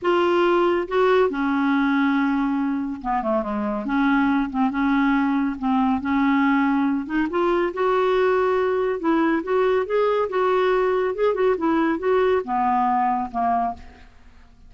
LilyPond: \new Staff \with { instrumentName = "clarinet" } { \time 4/4 \tempo 4 = 140 f'2 fis'4 cis'4~ | cis'2. b8 a8 | gis4 cis'4. c'8 cis'4~ | cis'4 c'4 cis'2~ |
cis'8 dis'8 f'4 fis'2~ | fis'4 e'4 fis'4 gis'4 | fis'2 gis'8 fis'8 e'4 | fis'4 b2 ais4 | }